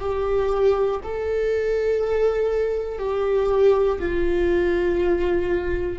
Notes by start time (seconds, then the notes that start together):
0.00 G4
1.03 A4
2.98 G4
3.99 F4